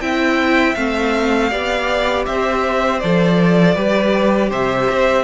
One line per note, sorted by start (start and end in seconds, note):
0.00 0.75 C4
0.00 0.76 E4
0.00 1.50 E5
0.00 0.75 G5
0.75 1.51 A3
0.75 1.50 C4
0.75 2.25 F5
1.50 2.26 B3
1.50 3.00 G4
1.50 2.25 D5
2.26 3.02 C4
2.26 3.75 C5
2.26 3.00 E5
3.00 3.75 F3
3.00 3.75 A4
3.00 4.50 D5
3.75 4.50 G3
3.75 5.24 G4
3.75 4.49 B4
4.49 4.88 C3
4.49 5.24 C5
4.49 5.24 E5
4.90 5.24 C4